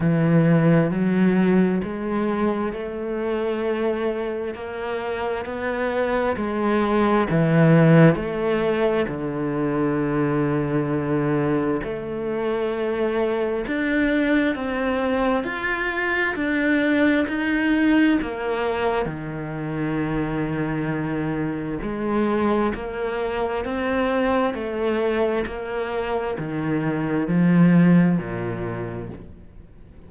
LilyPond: \new Staff \with { instrumentName = "cello" } { \time 4/4 \tempo 4 = 66 e4 fis4 gis4 a4~ | a4 ais4 b4 gis4 | e4 a4 d2~ | d4 a2 d'4 |
c'4 f'4 d'4 dis'4 | ais4 dis2. | gis4 ais4 c'4 a4 | ais4 dis4 f4 ais,4 | }